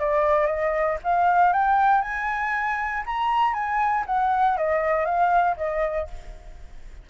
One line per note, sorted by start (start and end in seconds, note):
0.00 0.47 D5
0.47 0.98 D#5
1.04 1.53 F5
1.53 2.02 G5
2.02 3.04 G#5
3.06 3.54 A#5
3.54 4.04 G#5
4.06 4.57 F#5
4.58 5.05 D#5
5.05 5.56 F5
5.57 6.08 D#5